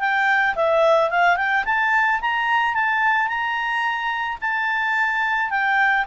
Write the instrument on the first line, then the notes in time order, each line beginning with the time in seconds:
clarinet
0.00 G5
0.56 E5
1.10 F5
1.37 G5
1.65 A5
2.21 A#5
2.74 A5
3.28 A#5
4.41 A5
5.50 G5